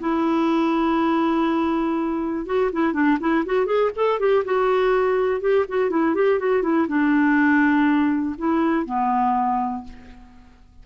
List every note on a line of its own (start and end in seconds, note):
0.00 2.46 E4
2.46 2.71 F#4
2.73 2.93 E4
2.93 3.18 D4
3.20 3.44 E4
3.45 3.66 F#4
3.66 3.90 G#4
3.95 4.19 A4
4.19 4.44 G4
4.44 5.41 F#4
5.41 5.65 G4
5.68 5.90 F#4
5.90 6.15 E4
6.15 6.39 G4
6.39 6.62 F#4
6.62 6.87 E4
6.88 8.35 D4
8.38 8.85 E4
8.85 9.84 B3